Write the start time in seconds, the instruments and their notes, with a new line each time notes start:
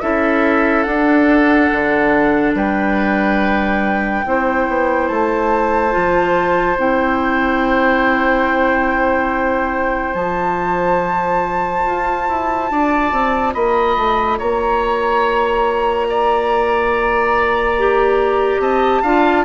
0.00 bassoon C#4, clarinet E4, oboe A4, flute E5
0.83 bassoon D4, clarinet D4, flute F#5
1.72 bassoon D3
2.54 bassoon G3, oboe B4, flute G5
4.25 bassoon C4, clarinet E4, oboe C5
4.68 bassoon B3
5.08 bassoon A3, flute A5
5.91 bassoon F3, clarinet F4
6.77 bassoon C4, clarinet E4, flute G5
10.14 bassoon F3, clarinet F4, flute A5
11.86 bassoon F4
12.29 bassoon E4
12.71 bassoon D4, oboe D5
13.12 bassoon C4
13.54 bassoon A#3, oboe D#5, flute B5
13.96 bassoon A3
14.38 bassoon A#3, oboe C#5, flute A#5
16.09 oboe D5
17.78 clarinet G4
18.59 bassoon C4, oboe D#5, flute A5
19.02 bassoon D4, clarinet F4, oboe F5